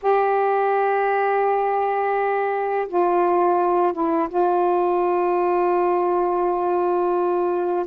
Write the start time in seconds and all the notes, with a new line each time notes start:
0.02 G4
2.87 F4
3.93 E4
4.28 F4